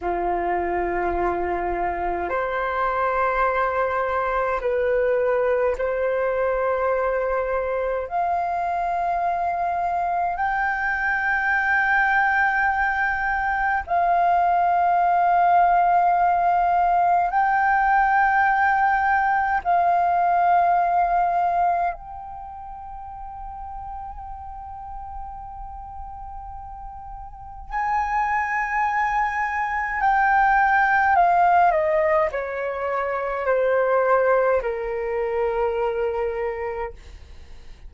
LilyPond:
\new Staff \with { instrumentName = "flute" } { \time 4/4 \tempo 4 = 52 f'2 c''2 | b'4 c''2 f''4~ | f''4 g''2. | f''2. g''4~ |
g''4 f''2 g''4~ | g''1 | gis''2 g''4 f''8 dis''8 | cis''4 c''4 ais'2 | }